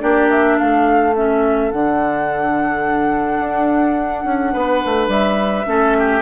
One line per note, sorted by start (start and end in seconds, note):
0.00 0.60 A#3
0.00 1.13 D4
0.00 0.58 G4
0.00 0.29 D5
0.30 0.58 E5
0.58 1.73 A3
0.58 4.53 A4
0.58 1.15 F5
1.16 1.72 C#4
1.16 1.71 E5
1.71 3.40 D3
1.71 5.66 D4
1.71 5.11 F#5
3.40 4.25 D4
4.25 4.53 C#4
4.53 4.83 B3
4.53 5.67 B4
4.86 5.08 A3
5.08 5.65 G3
5.08 6.22 E5
5.66 6.22 A3
5.66 6.22 C#4
5.66 5.98 A4
5.99 6.22 G4